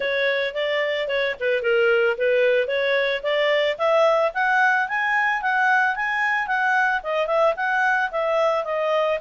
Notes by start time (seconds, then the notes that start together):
0.00 C#5
0.54 D5
1.08 C#5
1.39 B4
1.62 A#4
2.17 B4
2.67 C#5
3.22 D5
3.77 E5
4.34 F#5
4.88 G#5
5.42 F#5
5.95 G#5
6.47 F#5
7.03 D#5
7.27 E5
7.56 F#5
8.11 E5
8.64 D#5